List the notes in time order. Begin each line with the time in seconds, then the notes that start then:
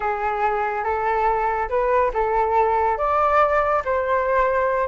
0.00 G#4
0.83 A4
1.69 B4
2.13 A4
2.97 D5
3.85 C5